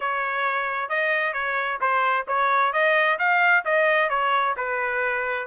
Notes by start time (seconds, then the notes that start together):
0.00 C#5
0.89 D#5
1.33 C#5
1.80 C5
2.27 C#5
2.72 D#5
3.18 F5
3.64 D#5
4.09 C#5
4.56 B4